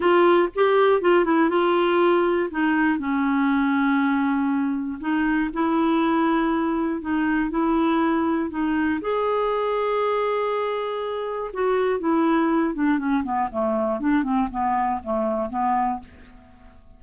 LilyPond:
\new Staff \with { instrumentName = "clarinet" } { \time 4/4 \tempo 4 = 120 f'4 g'4 f'8 e'8 f'4~ | f'4 dis'4 cis'2~ | cis'2 dis'4 e'4~ | e'2 dis'4 e'4~ |
e'4 dis'4 gis'2~ | gis'2. fis'4 | e'4. d'8 cis'8 b8 a4 | d'8 c'8 b4 a4 b4 | }